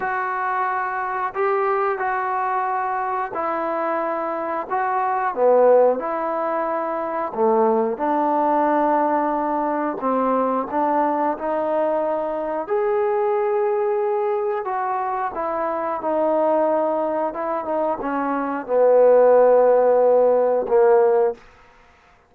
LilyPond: \new Staff \with { instrumentName = "trombone" } { \time 4/4 \tempo 4 = 90 fis'2 g'4 fis'4~ | fis'4 e'2 fis'4 | b4 e'2 a4 | d'2. c'4 |
d'4 dis'2 gis'4~ | gis'2 fis'4 e'4 | dis'2 e'8 dis'8 cis'4 | b2. ais4 | }